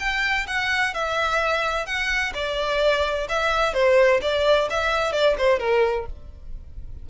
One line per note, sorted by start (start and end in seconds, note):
0.00 0.47 G5
0.48 0.94 F#5
0.94 1.86 E5
1.86 2.33 F#5
2.34 3.28 D5
3.29 3.74 E5
3.74 4.21 C5
4.22 4.69 D5
4.70 5.13 E5
5.13 5.36 D5
5.38 5.60 C5
5.60 6.06 A#4